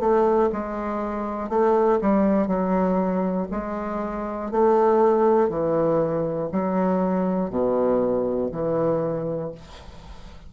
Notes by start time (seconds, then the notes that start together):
0.00 A3
0.53 G#3
1.50 A3
2.01 G3
2.48 F#3
3.51 G#3
4.51 A3
5.50 E3
6.52 F#3
7.51 B2
8.52 E3